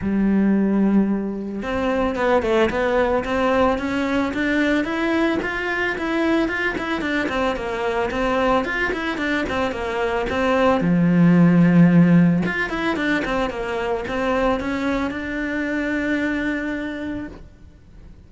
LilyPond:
\new Staff \with { instrumentName = "cello" } { \time 4/4 \tempo 4 = 111 g2. c'4 | b8 a8 b4 c'4 cis'4 | d'4 e'4 f'4 e'4 | f'8 e'8 d'8 c'8 ais4 c'4 |
f'8 e'8 d'8 c'8 ais4 c'4 | f2. f'8 e'8 | d'8 c'8 ais4 c'4 cis'4 | d'1 | }